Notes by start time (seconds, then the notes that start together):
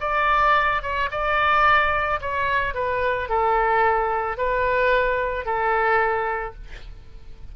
0.00 D5
0.82 C#5
1.11 D5
2.21 C#5
2.74 B4
3.29 A4
4.37 B4
5.45 A4